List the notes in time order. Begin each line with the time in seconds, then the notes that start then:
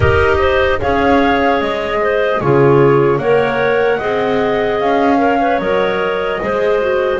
0.00 D#4 G4 A#4 D#5
0.38 C5
0.80 C#4 G#4 C#5 F5
1.61 G#3 D#5
2.00 C5
2.41 C#3 F4 G#4 C#5
3.18 A#3 A#4 C#5 F#5
3.97 C4 G#4 D#5
4.79 C#4 F5
5.17 A#4 C#5
5.40 B4
5.58 F#3 A#4 D#5
6.40 G#3 G#4 C5
6.80 F#4